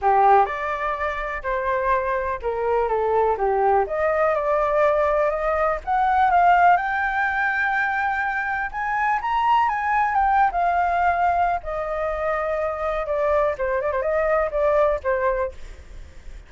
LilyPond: \new Staff \with { instrumentName = "flute" } { \time 4/4 \tempo 4 = 124 g'4 d''2 c''4~ | c''4 ais'4 a'4 g'4 | dis''4 d''2 dis''4 | fis''4 f''4 g''2~ |
g''2 gis''4 ais''4 | gis''4 g''8. f''2~ f''16 | dis''2. d''4 | c''8 d''16 c''16 dis''4 d''4 c''4 | }